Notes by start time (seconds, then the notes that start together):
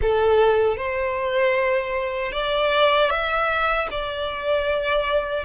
0.01 A4
0.77 C5
2.32 D5
3.10 E5
3.90 D5